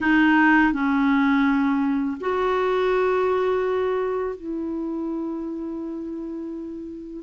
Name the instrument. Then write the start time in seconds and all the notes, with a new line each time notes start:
clarinet
0.00 D#4
0.73 C#4
2.20 F#4
4.35 E4